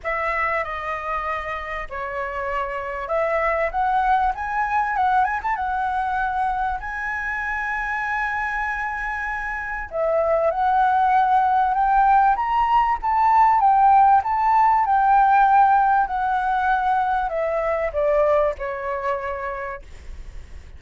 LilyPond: \new Staff \with { instrumentName = "flute" } { \time 4/4 \tempo 4 = 97 e''4 dis''2 cis''4~ | cis''4 e''4 fis''4 gis''4 | fis''8 gis''16 a''16 fis''2 gis''4~ | gis''1 |
e''4 fis''2 g''4 | ais''4 a''4 g''4 a''4 | g''2 fis''2 | e''4 d''4 cis''2 | }